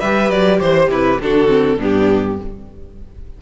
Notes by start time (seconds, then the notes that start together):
0.00 G3 G4 B4 E5
0.30 F#3 D5
0.60 E3 C5
0.88 C3 E4 B4
1.20 D3 D4 F#4 A4
1.47 C4
1.77 G2 B3 D4 G4